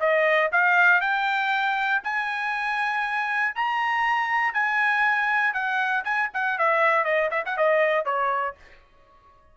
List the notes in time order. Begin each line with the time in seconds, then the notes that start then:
0.00 D#5
0.52 F5
1.01 G5
2.04 G#5
3.55 A#5
4.54 G#5
5.54 F#5
6.05 G#5
6.34 F#5
6.58 E5
7.05 D#5
7.31 E5
7.46 F#5
7.57 D#5
8.05 C#5